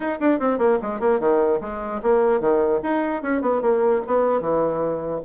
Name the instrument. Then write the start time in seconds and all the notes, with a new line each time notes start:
bassoon
0.00 D#4
0.20 D4
0.39 C4
0.58 A#3
0.82 G#3
1.00 A#3
1.19 D#3
1.60 G#3
2.02 A#3
2.40 D#3
2.82 D#4
3.22 C#4
3.41 B3
3.61 A#3
4.06 B3
4.41 E3